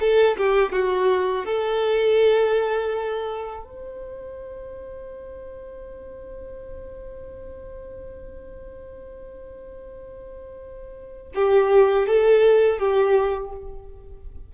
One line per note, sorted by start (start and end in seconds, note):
0.00 0.37 A4
0.37 0.72 G4
0.72 1.45 F#4
1.45 3.64 A4
3.64 11.32 C5
11.35 12.07 G4
12.07 12.78 A4
12.78 13.52 G4